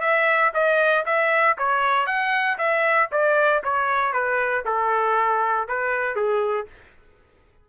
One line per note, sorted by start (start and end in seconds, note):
0.00 0.51 E5
0.54 1.05 D#5
1.05 1.56 E5
1.58 2.06 C#5
2.06 2.57 F#5
2.58 3.09 E5
3.11 3.62 D5
3.63 4.12 C#5
4.12 4.64 B4
4.65 5.68 A4
5.68 6.15 B4
6.15 6.66 G#4